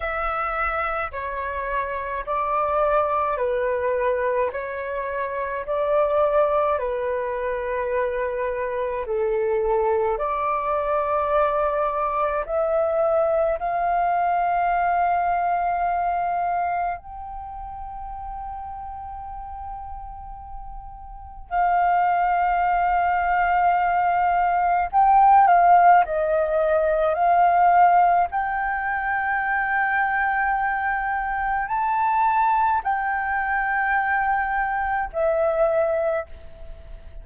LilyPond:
\new Staff \with { instrumentName = "flute" } { \time 4/4 \tempo 4 = 53 e''4 cis''4 d''4 b'4 | cis''4 d''4 b'2 | a'4 d''2 e''4 | f''2. g''4~ |
g''2. f''4~ | f''2 g''8 f''8 dis''4 | f''4 g''2. | a''4 g''2 e''4 | }